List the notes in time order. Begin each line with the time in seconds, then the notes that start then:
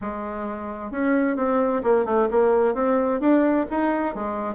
0.01 G#3
0.91 C#4
1.36 C4
1.83 A#3
2.05 A3
2.30 A#3
2.74 C4
3.20 D4
3.70 D#4
4.15 G#3